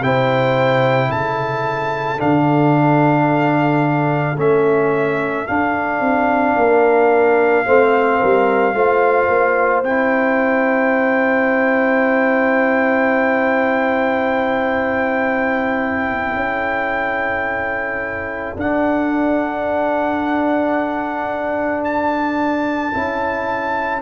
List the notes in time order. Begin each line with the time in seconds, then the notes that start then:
0.00 C3 E4 C5 G5
1.09 C#3 A4 A5
2.17 D3 D4 F5
4.37 A3 C#4 E5
5.47 D4 F5
6.00 C4
6.56 A#3 A#4
7.65 A3 C4 C5
8.20 G3 A#4
8.73 A3 F4 C5
9.28 A#3
9.83 C4 E4 G5
16.34 C#4 A4
18.55 D4 F#5
21.84 A5
22.93 C#4 E4